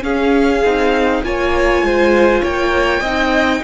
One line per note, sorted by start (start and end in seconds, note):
0.00 0.60 C#4
0.00 0.64 C#4
0.00 1.23 G#4
0.00 1.23 F5
0.64 1.23 C4
0.64 1.24 D#4
1.23 1.82 A#3
1.23 3.04 F4
1.23 1.85 C#5
1.23 2.44 G#5
1.82 2.42 G#3
1.82 2.41 C5
2.41 3.00 A#3
2.41 3.00 C#5
2.41 3.63 G5
3.00 3.60 C4
3.00 3.63 D#4
3.00 3.60 D#5